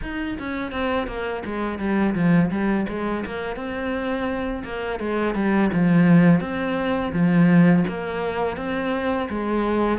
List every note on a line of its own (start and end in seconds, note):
0.02 0.37 D#4
0.38 0.71 C#4
0.71 1.07 C4
1.07 1.43 A#3
1.45 1.79 G#3
1.79 2.14 G3
2.14 2.50 F3
2.50 2.86 G3
2.89 3.24 G#3
3.25 3.56 A#3
3.56 4.63 C4
4.64 4.99 A#3
4.99 5.34 G#3
5.34 5.70 G3
5.72 6.40 F3
6.40 7.11 C4
7.12 7.84 F3
7.88 8.56 A#3
8.56 9.28 C4
9.29 9.98 G#3